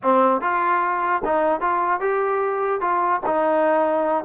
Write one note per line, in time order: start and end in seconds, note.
0.03 0.41 C4
0.41 1.22 F4
1.24 1.60 D#4
1.60 2.00 F4
2.00 2.80 G4
2.80 3.21 F4
3.26 4.24 D#4